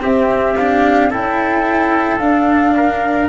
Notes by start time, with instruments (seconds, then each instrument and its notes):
0.00 cello C4, tuba C4, trumpet G4, flute E5
0.56 cello D4, flute F5
1.10 tuba C#4, cello E4, trumpet A4, flute G5
2.19 tuba D4, cello D4, flute F5
2.76 trumpet A#4